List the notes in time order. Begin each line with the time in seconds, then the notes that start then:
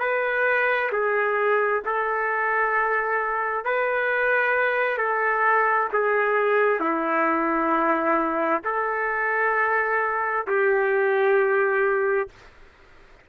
0.00 B4
0.92 G#4
1.86 A4
3.65 B4
4.98 A4
5.93 G#4
6.80 E4
8.64 A4
10.48 G4